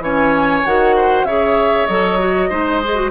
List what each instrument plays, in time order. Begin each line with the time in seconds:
0.00 bassoon E3, clarinet C#4, oboe C#5, flute G#5
0.65 bassoon D#3, clarinet F#4, flute F#5
0.96 oboe C5
1.24 bassoon C#3, clarinet G#4, oboe C#5, flute E5
1.86 bassoon F#3, clarinet A4, flute D#5
2.19 clarinet F#4
2.49 bassoon G#3, clarinet D#4, oboe C5
2.84 clarinet G#4
2.95 clarinet F#4